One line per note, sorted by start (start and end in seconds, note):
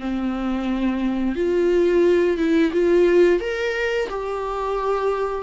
0.00 1.35 C4
1.35 2.38 F4
2.38 2.72 E4
2.73 3.41 F4
3.41 4.09 A#4
4.09 5.43 G4